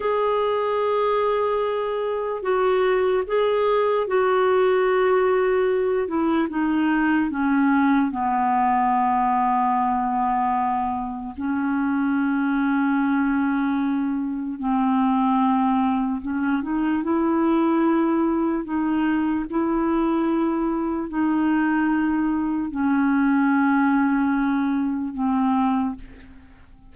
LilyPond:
\new Staff \with { instrumentName = "clarinet" } { \time 4/4 \tempo 4 = 74 gis'2. fis'4 | gis'4 fis'2~ fis'8 e'8 | dis'4 cis'4 b2~ | b2 cis'2~ |
cis'2 c'2 | cis'8 dis'8 e'2 dis'4 | e'2 dis'2 | cis'2. c'4 | }